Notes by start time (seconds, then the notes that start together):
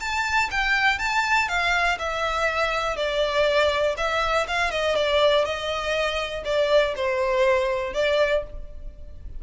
0.00 A5
0.50 G5
0.99 A5
1.48 F5
1.99 E5
2.96 D5
3.97 E5
4.48 F5
4.71 D#5
4.95 D5
5.44 D#5
6.45 D5
6.96 C5
7.94 D5